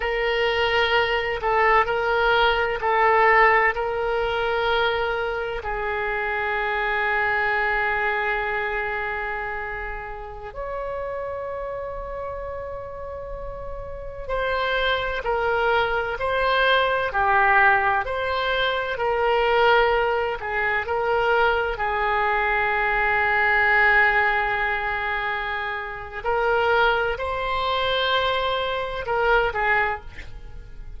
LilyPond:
\new Staff \with { instrumentName = "oboe" } { \time 4/4 \tempo 4 = 64 ais'4. a'8 ais'4 a'4 | ais'2 gis'2~ | gis'2.~ gis'16 cis''8.~ | cis''2.~ cis''16 c''8.~ |
c''16 ais'4 c''4 g'4 c''8.~ | c''16 ais'4. gis'8 ais'4 gis'8.~ | gis'1 | ais'4 c''2 ais'8 gis'8 | }